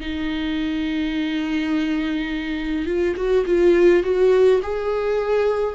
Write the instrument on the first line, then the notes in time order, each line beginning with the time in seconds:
viola
0.00 D#4
2.86 F4
3.16 F#4
3.46 F4
4.03 F#4
4.62 G#4